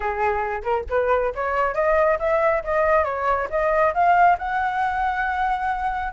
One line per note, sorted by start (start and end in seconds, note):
0.00 0.62 G#4
0.62 0.84 A#4
0.89 1.33 B4
1.34 1.74 C#5
1.74 2.18 D#5
2.19 2.63 E5
2.63 3.04 D#5
3.04 3.48 C#5
3.50 3.93 D#5
3.93 4.37 F5
4.38 6.12 F#5